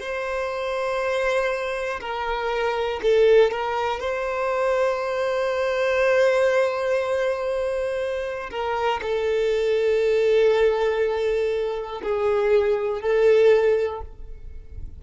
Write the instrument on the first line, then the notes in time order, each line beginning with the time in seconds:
violin
0.00 C5
2.00 A#4
3.02 A4
3.51 A#4
4.00 C5
8.50 A#4
9.02 A4
12.02 G#4
13.01 A4